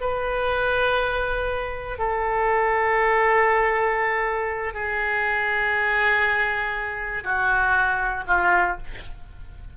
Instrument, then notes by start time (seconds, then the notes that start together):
oboe
0.00 B4
1.98 A4
4.73 G#4
7.24 F#4
8.27 F4